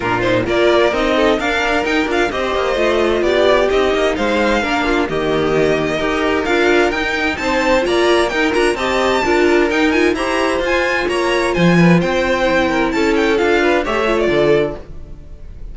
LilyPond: <<
  \new Staff \with { instrumentName = "violin" } { \time 4/4 \tempo 4 = 130 ais'8 c''8 d''4 dis''4 f''4 | g''8 f''8 dis''2 d''4 | dis''4 f''2 dis''4~ | dis''2 f''4 g''4 |
a''4 ais''4 g''8 ais''8 a''4~ | a''4 g''8 gis''8 ais''4 gis''4 | ais''4 gis''4 g''2 | a''8 g''8 f''4 e''8. d''4~ d''16 | }
  \new Staff \with { instrumentName = "violin" } { \time 4/4 f'4 ais'4. a'8 ais'4~ | ais'4 c''2 g'4~ | g'4 c''4 ais'8 f'8 g'4~ | g'4 ais'2. |
c''4 d''4 ais'4 dis''4 | ais'2 c''2 | cis''4 c''8 b'8 c''4. ais'8 | a'4. b'8 cis''4 a'4 | }
  \new Staff \with { instrumentName = "viola" } { \time 4/4 d'8 dis'8 f'4 dis'4 d'4 | dis'8 f'8 g'4 f'2 | dis'2 d'4 ais4~ | ais4 g'4 f'4 dis'4~ |
dis'4 f'4 dis'8 f'8 g'4 | f'4 dis'8 f'8 g'4 f'4~ | f'2. e'4~ | e'4 f'4 g'8 f'4. | }
  \new Staff \with { instrumentName = "cello" } { \time 4/4 ais,4 ais4 c'4 d'4 | dis'8 d'8 c'8 ais8 a4 b4 | c'8 ais8 gis4 ais4 dis4~ | dis4 dis'4 d'4 dis'4 |
c'4 ais4 dis'8 d'8 c'4 | d'4 dis'4 e'4 f'4 | ais4 f4 c'2 | cis'4 d'4 a4 d4 | }
>>